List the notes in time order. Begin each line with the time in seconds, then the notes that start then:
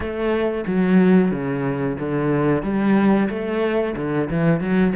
0.00 A3
0.66 F#3
1.31 C#3
1.99 D3
2.63 G3
3.29 A3
3.96 D3
4.30 E3
4.60 F#3